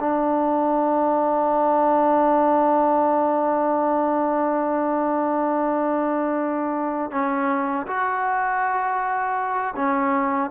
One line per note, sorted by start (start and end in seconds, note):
0.00 7.11 D4
7.11 7.86 C#4
7.87 9.75 F#4
9.76 10.51 C#4